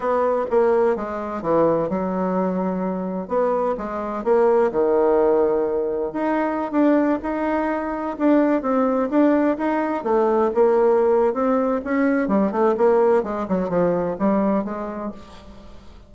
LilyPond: \new Staff \with { instrumentName = "bassoon" } { \time 4/4 \tempo 4 = 127 b4 ais4 gis4 e4 | fis2. b4 | gis4 ais4 dis2~ | dis4 dis'4~ dis'16 d'4 dis'8.~ |
dis'4~ dis'16 d'4 c'4 d'8.~ | d'16 dis'4 a4 ais4.~ ais16 | c'4 cis'4 g8 a8 ais4 | gis8 fis8 f4 g4 gis4 | }